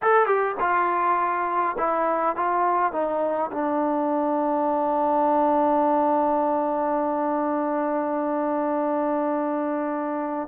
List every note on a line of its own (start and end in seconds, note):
0.02 0.26 A4
0.26 0.55 G4
0.60 1.76 F4
1.78 2.35 E4
2.35 2.92 F4
2.92 3.50 D#4
3.52 10.48 D4